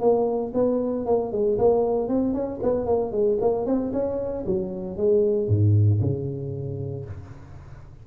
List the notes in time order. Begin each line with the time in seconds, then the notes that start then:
0.00 A#3
0.54 B3
1.06 A#3
1.32 G#3
1.58 A#3
2.08 C4
2.34 C#4
2.62 B3
2.86 A#3
3.12 G#3
3.41 A#3
3.65 C4
3.92 C#4
4.46 F#3
4.97 G#3
5.48 G#2
6.01 C#3